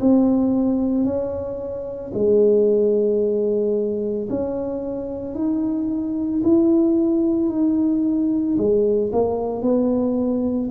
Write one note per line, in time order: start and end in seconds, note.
0.00 1.04 C4
1.04 2.11 C#4
2.14 4.28 G#3
4.29 5.35 C#4
5.35 6.42 D#4
6.43 7.49 E4
7.49 8.56 D#4
8.58 9.11 G#3
9.12 9.62 A#3
9.62 10.69 B3